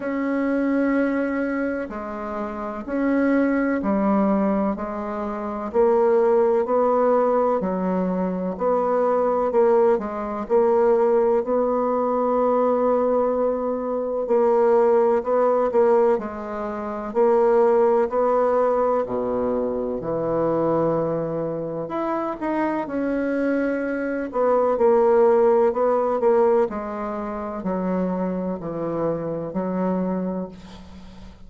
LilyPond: \new Staff \with { instrumentName = "bassoon" } { \time 4/4 \tempo 4 = 63 cis'2 gis4 cis'4 | g4 gis4 ais4 b4 | fis4 b4 ais8 gis8 ais4 | b2. ais4 |
b8 ais8 gis4 ais4 b4 | b,4 e2 e'8 dis'8 | cis'4. b8 ais4 b8 ais8 | gis4 fis4 e4 fis4 | }